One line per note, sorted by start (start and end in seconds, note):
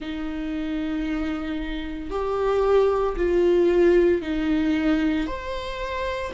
0.00 2.10 D#4
2.10 3.15 G4
3.16 4.21 F4
4.21 5.26 D#4
5.26 6.32 C5